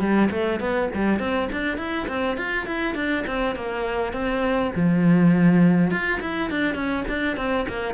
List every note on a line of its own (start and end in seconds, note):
0.00 0.29 G3
0.31 0.60 A3
0.60 0.90 B3
0.94 1.20 G3
1.20 1.49 C4
1.52 1.78 D4
1.78 2.07 E4
2.08 2.37 C4
2.37 2.67 F4
2.67 2.95 E4
2.95 3.24 D4
3.27 3.56 C4
3.56 4.13 A#3
4.13 4.72 C4
4.75 5.91 F3
5.91 6.20 F4
6.21 6.50 E4
6.51 6.75 D4
6.75 7.04 C#4
7.09 7.37 D4
7.37 7.66 C4
7.68 7.94 A#3